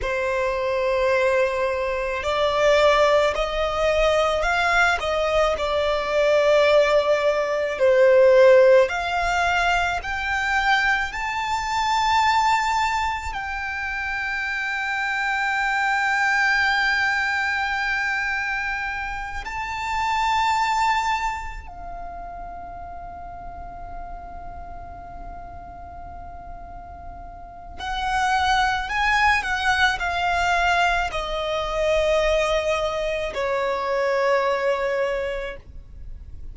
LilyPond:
\new Staff \with { instrumentName = "violin" } { \time 4/4 \tempo 4 = 54 c''2 d''4 dis''4 | f''8 dis''8 d''2 c''4 | f''4 g''4 a''2 | g''1~ |
g''4. a''2 f''8~ | f''1~ | f''4 fis''4 gis''8 fis''8 f''4 | dis''2 cis''2 | }